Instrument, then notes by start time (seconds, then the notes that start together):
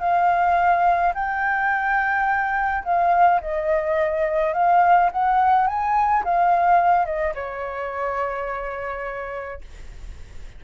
flute
0.00 F5
1.14 G5
2.84 F5
3.41 D#5
4.54 F5
5.12 F#5
5.67 G#5
6.24 F5
7.05 D#5
7.35 C#5